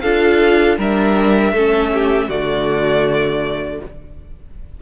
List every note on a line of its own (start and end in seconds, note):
0.00 0.78 D4
0.00 0.79 F4
0.00 0.78 A4
0.00 0.76 F5
0.78 1.52 G3
0.78 1.55 D4
0.78 1.53 A#4
0.78 2.30 E5
1.52 2.28 A3
1.52 2.30 C#4
1.52 1.91 A4
1.94 2.28 G4
2.28 3.80 D3
2.28 3.82 A3
2.28 3.80 F#4
2.28 3.82 D5